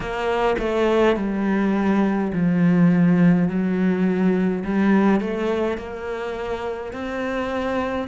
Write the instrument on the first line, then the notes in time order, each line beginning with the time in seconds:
cello
0.00 A#3
0.58 A3
1.16 G3
2.32 F3
3.48 F#3
4.64 G3
5.20 A3
5.77 A#3
6.92 C4